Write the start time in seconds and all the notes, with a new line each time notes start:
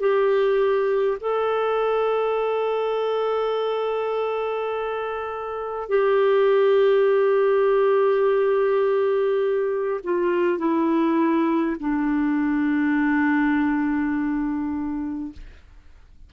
0.00 G4
1.20 A4
5.89 G4
10.04 F4
10.58 E4
11.80 D4